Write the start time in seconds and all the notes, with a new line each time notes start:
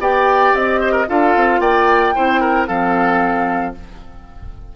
0.00 B3 G4 D5 G5
0.55 C4 D#5
0.81 C5
0.92 A#4
1.08 D4 F4 A4 F5
1.36 C4
1.60 A#3 D5 G5
2.15 C4 E4 C5
2.41 A#4
2.68 F3 C4 A4 F5